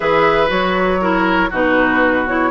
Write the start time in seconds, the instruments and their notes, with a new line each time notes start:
0.00 bassoon E3, clarinet G#4, oboe B4, flute E5
0.47 bassoon F#3, clarinet F#4, flute C#5
1.01 clarinet E4, oboe A#4
1.50 bassoon B2, clarinet D#4, oboe F#4, flute B4
2.27 clarinet E4, flute C#5